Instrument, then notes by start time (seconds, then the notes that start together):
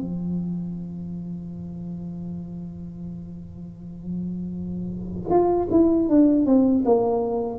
tuba
0.00 F3
5.30 F4
5.71 E4
6.09 D4
6.46 C4
6.85 A#3